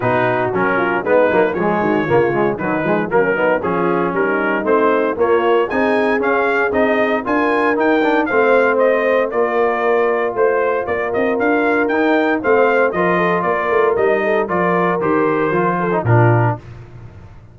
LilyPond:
<<
  \new Staff \with { instrumentName = "trumpet" } { \time 4/4 \tempo 4 = 116 b'4 ais'4 b'4 cis''4~ | cis''4 b'4 ais'4 gis'4 | ais'4 c''4 cis''4 gis''4 | f''4 dis''4 gis''4 g''4 |
f''4 dis''4 d''2 | c''4 d''8 dis''8 f''4 g''4 | f''4 dis''4 d''4 dis''4 | d''4 c''2 ais'4 | }
  \new Staff \with { instrumentName = "horn" } { \time 4/4 fis'4. f'8 dis'4 gis'8 fis'8 | f'4 dis'4 cis'8 dis'8 f'4 | dis'2 f'4 gis'4~ | gis'2 ais'2 |
c''2 ais'2 | c''4 ais'2. | c''4 ais'8 a'8 ais'4. a'8 | ais'2~ ais'8 a'8 f'4 | }
  \new Staff \with { instrumentName = "trombone" } { \time 4/4 dis'4 cis'4 b8 ais8 gis4 | ais8 gis8 fis8 gis8 ais8 b8 cis'4~ | cis'4 c'4 ais4 dis'4 | cis'4 dis'4 f'4 dis'8 d'8 |
c'2 f'2~ | f'2. dis'4 | c'4 f'2 dis'4 | f'4 g'4 f'8. dis'16 d'4 | }
  \new Staff \with { instrumentName = "tuba" } { \time 4/4 b,4 fis4 gis8 fis8 f8 dis8 | cis4 dis8 f8 fis4 f4 | g4 a4 ais4 c'4 | cis'4 c'4 d'4 dis'4 |
a2 ais2 | a4 ais8 c'8 d'4 dis'4 | a4 f4 ais8 a8 g4 | f4 dis4 f4 ais,4 | }
>>